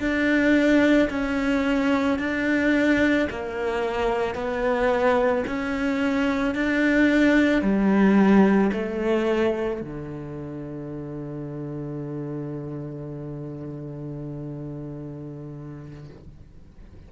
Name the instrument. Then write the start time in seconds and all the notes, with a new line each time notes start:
cello
0.00 D4
1.10 C#4
2.19 D4
3.30 A#3
4.35 B3
5.47 C#4
6.55 D4
7.62 G3
8.73 A3
9.81 D3